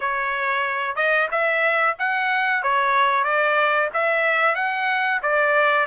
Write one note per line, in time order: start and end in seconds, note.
0.00 0.95 C#5
0.95 1.28 D#5
1.31 1.96 E5
1.98 2.62 F#5
2.62 3.23 C#5
3.23 3.89 D5
3.93 4.55 E5
4.55 5.20 F#5
5.22 5.86 D5